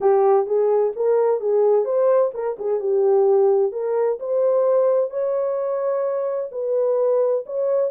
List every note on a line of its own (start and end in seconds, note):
0.00 0.46 G4
0.46 0.92 G#4
0.96 1.40 A#4
1.40 1.85 G#4
1.85 2.31 C5
2.34 2.57 A#4
2.59 2.79 G#4
2.79 3.72 G4
3.72 4.18 A#4
4.19 5.10 C5
5.10 6.50 C#5
6.51 7.44 B4
7.45 7.90 C#5